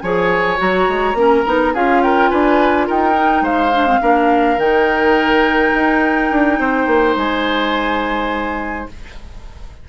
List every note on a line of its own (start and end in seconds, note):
0.00 0.59 F3
0.00 0.57 G#4
0.00 1.17 C#5
0.00 0.57 G#5
0.57 0.88 F#3
0.57 1.14 F#4
0.57 1.75 A#5
0.88 1.14 G#3
1.14 1.42 A#3
1.14 1.45 C#4
1.14 1.73 A#4
1.45 1.74 B3
1.45 1.74 D#4
1.73 2.31 C#4
1.73 3.14 F4
1.73 2.02 G#4
1.73 2.02 F5
2.02 2.30 A#4
2.02 2.29 G5
2.29 2.89 D4
2.29 2.87 B4
2.29 2.86 G#5
2.87 3.41 D#4
2.87 3.43 A#4
2.87 3.45 G5
3.14 3.71 D#4
3.41 3.99 G#3
3.41 4.00 C5
3.41 4.59 F5
3.73 3.86 D4
3.86 4.01 C4
4.01 4.57 A#3
4.01 4.58 D4
4.01 6.59 A#4
4.57 5.71 D#3
4.57 8.88 D#4
4.57 7.16 G5
5.74 6.31 D#4
6.31 6.59 D4
6.59 6.87 C4
6.59 8.88 C5
6.87 7.15 A#3
7.16 8.87 G#3
7.16 8.89 G#5